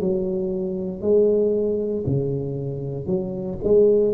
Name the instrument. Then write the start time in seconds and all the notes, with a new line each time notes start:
tuba
0.00 F#3
1.01 G#3
2.06 C#3
3.07 F#3
3.63 G#3